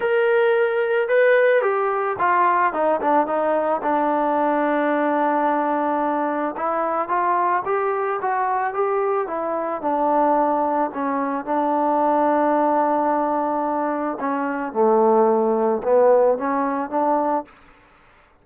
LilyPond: \new Staff \with { instrumentName = "trombone" } { \time 4/4 \tempo 4 = 110 ais'2 b'4 g'4 | f'4 dis'8 d'8 dis'4 d'4~ | d'1 | e'4 f'4 g'4 fis'4 |
g'4 e'4 d'2 | cis'4 d'2.~ | d'2 cis'4 a4~ | a4 b4 cis'4 d'4 | }